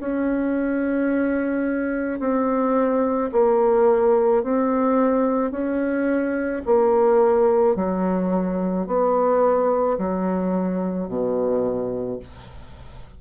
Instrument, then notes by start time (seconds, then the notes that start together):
bassoon
0.00 C#4
2.19 C4
3.32 A#3
4.43 C4
5.51 C#4
6.66 A#3
7.75 F#3
8.86 B3
9.97 F#3
11.08 B2